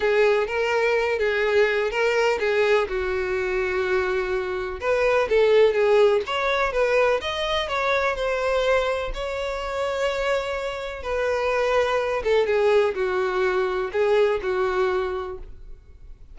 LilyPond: \new Staff \with { instrumentName = "violin" } { \time 4/4 \tempo 4 = 125 gis'4 ais'4. gis'4. | ais'4 gis'4 fis'2~ | fis'2 b'4 a'4 | gis'4 cis''4 b'4 dis''4 |
cis''4 c''2 cis''4~ | cis''2. b'4~ | b'4. a'8 gis'4 fis'4~ | fis'4 gis'4 fis'2 | }